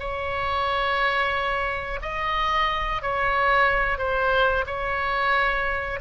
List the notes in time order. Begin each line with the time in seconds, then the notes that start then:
0.00 C#5
2.02 D#5
3.03 C#5
3.99 C5
4.67 C#5